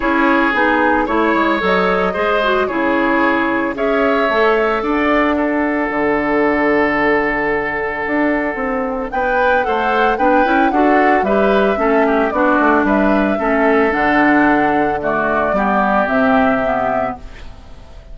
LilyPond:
<<
  \new Staff \with { instrumentName = "flute" } { \time 4/4 \tempo 4 = 112 cis''4 gis'4 cis''4 dis''4~ | dis''4 cis''2 e''4~ | e''4 fis''2.~ | fis''1~ |
fis''4 g''4 fis''4 g''4 | fis''4 e''2 d''4 | e''2 fis''2 | d''2 e''2 | }
  \new Staff \with { instrumentName = "oboe" } { \time 4/4 gis'2 cis''2 | c''4 gis'2 cis''4~ | cis''4 d''4 a'2~ | a'1~ |
a'4 b'4 c''4 b'4 | a'4 b'4 a'8 g'8 fis'4 | b'4 a'2. | fis'4 g'2. | }
  \new Staff \with { instrumentName = "clarinet" } { \time 4/4 e'4 dis'4 e'4 a'4 | gis'8 fis'8 e'2 gis'4 | a'2 d'2~ | d'1~ |
d'2 a'4 d'8 e'8 | fis'4 g'4 cis'4 d'4~ | d'4 cis'4 d'2 | a4 b4 c'4 b4 | }
  \new Staff \with { instrumentName = "bassoon" } { \time 4/4 cis'4 b4 a8 gis8 fis4 | gis4 cis2 cis'4 | a4 d'2 d4~ | d2. d'4 |
c'4 b4 a4 b8 cis'8 | d'4 g4 a4 b8 a8 | g4 a4 d2~ | d4 g4 c2 | }
>>